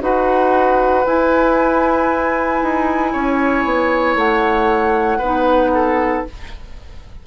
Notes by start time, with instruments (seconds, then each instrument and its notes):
0.00 bassoon D#4, clarinet F#4, oboe B4, flute F#5
1.05 bassoon E4, clarinet E4, flute G#5
2.62 bassoon D#4
3.12 bassoon C#4, oboe C#5
3.64 bassoon B3
4.16 bassoon A3, flute F#5
5.18 bassoon B3, clarinet D#4, oboe B4
5.74 oboe A4